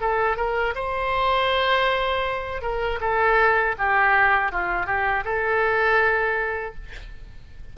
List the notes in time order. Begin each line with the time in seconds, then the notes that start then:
0.00 A4
0.36 A#4
0.75 C5
2.61 A#4
3.00 A4
3.78 G4
4.51 F4
4.86 G4
5.24 A4